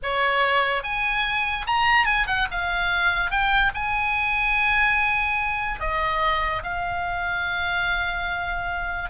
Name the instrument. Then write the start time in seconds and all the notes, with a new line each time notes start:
oboe
0.02 C#5
0.83 G#5
1.66 A#5
2.05 G#5
2.27 F#5
2.51 F5
3.30 G5
3.74 G#5
5.80 D#5
6.63 F5